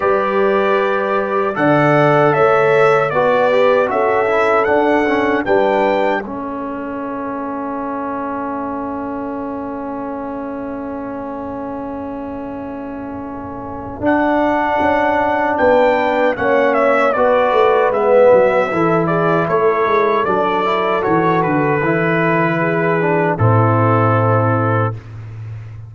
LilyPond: <<
  \new Staff \with { instrumentName = "trumpet" } { \time 4/4 \tempo 4 = 77 d''2 fis''4 e''4 | d''4 e''4 fis''4 g''4 | e''1~ | e''1~ |
e''2 fis''2 | g''4 fis''8 e''8 d''4 e''4~ | e''8 d''8 cis''4 d''4 cis''8 b'8~ | b'2 a'2 | }
  \new Staff \with { instrumentName = "horn" } { \time 4/4 b'2 d''4 cis''4 | b'4 a'2 b'4 | a'1~ | a'1~ |
a'1 | b'4 cis''4 b'2 | a'8 gis'8 a'2.~ | a'4 gis'4 e'2 | }
  \new Staff \with { instrumentName = "trombone" } { \time 4/4 g'2 a'2 | fis'8 g'8 fis'8 e'8 d'8 cis'8 d'4 | cis'1~ | cis'1~ |
cis'2 d'2~ | d'4 cis'4 fis'4 b4 | e'2 d'8 e'8 fis'4 | e'4. d'8 c'2 | }
  \new Staff \with { instrumentName = "tuba" } { \time 4/4 g2 d4 a4 | b4 cis'4 d'4 g4 | a1~ | a1~ |
a2 d'4 cis'4 | b4 ais4 b8 a8 gis8 fis8 | e4 a8 gis8 fis4 e8 d8 | e2 a,2 | }
>>